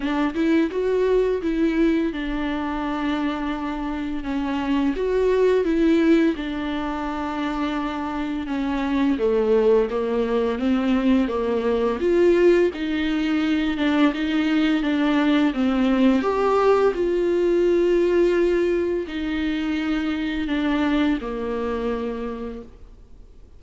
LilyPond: \new Staff \with { instrumentName = "viola" } { \time 4/4 \tempo 4 = 85 d'8 e'8 fis'4 e'4 d'4~ | d'2 cis'4 fis'4 | e'4 d'2. | cis'4 a4 ais4 c'4 |
ais4 f'4 dis'4. d'8 | dis'4 d'4 c'4 g'4 | f'2. dis'4~ | dis'4 d'4 ais2 | }